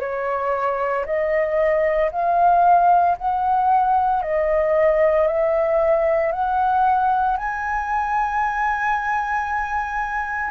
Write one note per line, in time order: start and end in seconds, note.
0.00 1.05 C#5
1.06 2.11 D#5
2.11 3.17 F5
3.18 4.22 F#5
4.22 5.27 D#5
5.27 6.32 E5
6.32 7.37 F#5
7.37 10.51 G#5